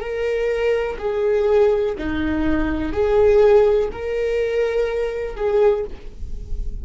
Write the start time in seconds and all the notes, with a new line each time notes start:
0.00 A#4
0.99 G#4
1.98 D#4
2.93 G#4
3.92 A#4
5.36 G#4